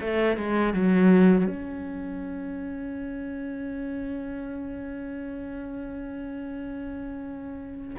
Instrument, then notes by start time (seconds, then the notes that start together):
cello
0.00 A3
0.36 G#3
0.73 F#3
1.46 C#4